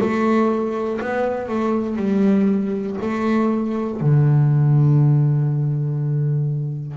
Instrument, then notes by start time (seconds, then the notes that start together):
double bass
0.00 A3
1.01 B3
1.48 A3
1.96 G3
3.01 A3
4.00 D3